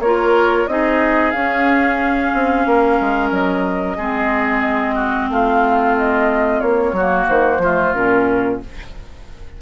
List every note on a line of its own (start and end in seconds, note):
0.00 0.66 A#3
0.00 0.69 F4
0.00 0.70 A#4
0.00 0.67 C#5
0.67 1.34 C4
0.67 1.34 D#4
0.67 2.68 G#4
0.67 1.32 D#5
1.32 2.33 C#4
1.32 3.99 C#4
1.32 3.29 F5
2.34 2.66 C4
2.66 2.99 A#3
2.66 3.97 A#4
3.01 3.31 G#3
3.31 3.97 F#3
3.31 5.31 D#5
3.97 5.30 G#3
3.97 6.96 C4
3.97 4.95 G#4
4.95 5.28 F#4
5.30 6.62 A3
5.30 6.96 F4
5.30 5.97 F5
5.98 6.61 D#5
6.61 6.93 A#3
6.61 7.27 C#5
6.93 7.26 F#3
6.93 7.63 A#3
6.93 7.62 F#4
7.29 7.59 D#3
7.29 7.94 C5
7.59 7.92 F3
7.59 7.95 A3
7.59 8.62 F4
7.94 8.62 A#2
7.94 8.61 C#4
7.94 8.60 A#4